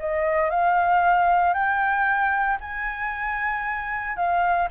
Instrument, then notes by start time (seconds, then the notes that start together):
flute
0.00 D#5
0.50 F5
1.54 G5
2.61 G#5
4.17 F5